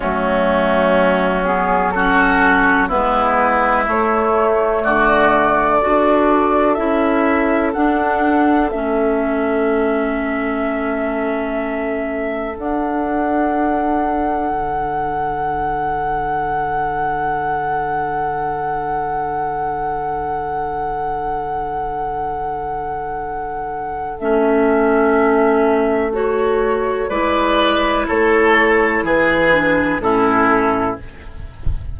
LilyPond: <<
  \new Staff \with { instrumentName = "flute" } { \time 4/4 \tempo 4 = 62 fis'4. gis'8 a'4 b'4 | cis''4 d''2 e''4 | fis''4 e''2.~ | e''4 fis''2.~ |
fis''1~ | fis''1~ | fis''4 e''2 cis''4 | d''4 cis''4 b'4 a'4 | }
  \new Staff \with { instrumentName = "oboe" } { \time 4/4 cis'2 fis'4 e'4~ | e'4 fis'4 a'2~ | a'1~ | a'1~ |
a'1~ | a'1~ | a'1 | b'4 a'4 gis'4 e'4 | }
  \new Staff \with { instrumentName = "clarinet" } { \time 4/4 a4. b8 cis'4 b4 | a2 fis'4 e'4 | d'4 cis'2.~ | cis'4 d'2.~ |
d'1~ | d'1~ | d'4 cis'2 fis'4 | e'2~ e'8 d'8 cis'4 | }
  \new Staff \with { instrumentName = "bassoon" } { \time 4/4 fis2. gis4 | a4 d4 d'4 cis'4 | d'4 a2.~ | a4 d'2 d4~ |
d1~ | d1~ | d4 a2. | gis4 a4 e4 a,4 | }
>>